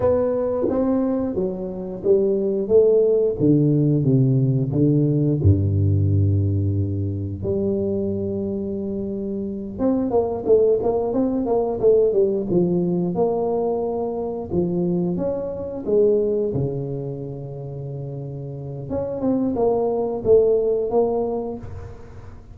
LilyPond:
\new Staff \with { instrumentName = "tuba" } { \time 4/4 \tempo 4 = 89 b4 c'4 fis4 g4 | a4 d4 c4 d4 | g,2. g4~ | g2~ g8 c'8 ais8 a8 |
ais8 c'8 ais8 a8 g8 f4 ais8~ | ais4. f4 cis'4 gis8~ | gis8 cis2.~ cis8 | cis'8 c'8 ais4 a4 ais4 | }